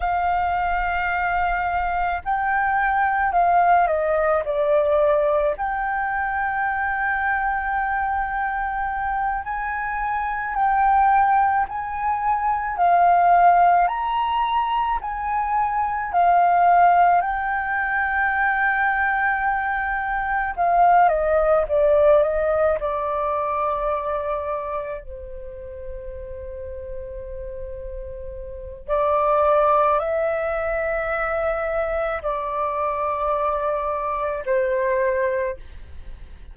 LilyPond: \new Staff \with { instrumentName = "flute" } { \time 4/4 \tempo 4 = 54 f''2 g''4 f''8 dis''8 | d''4 g''2.~ | g''8 gis''4 g''4 gis''4 f''8~ | f''8 ais''4 gis''4 f''4 g''8~ |
g''2~ g''8 f''8 dis''8 d''8 | dis''8 d''2 c''4.~ | c''2 d''4 e''4~ | e''4 d''2 c''4 | }